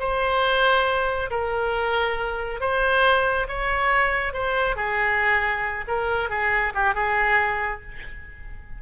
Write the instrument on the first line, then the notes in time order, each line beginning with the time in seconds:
oboe
0.00 C5
1.31 A#4
2.61 C5
3.48 C#5
4.34 C5
4.76 G#4
5.88 A#4
6.30 G#4
6.75 G4
6.95 G#4